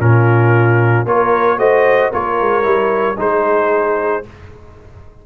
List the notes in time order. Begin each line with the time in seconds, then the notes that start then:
0.00 A#2 C#4 F4 A#4
1.06 A#3 F4 A#4 C#5
1.58 A3 F#4 C5 D#5
2.11 A#3 F4 A#4 C#5
2.41 G#3
2.63 G3 E4
3.17 G#3 D#4 G#4 C5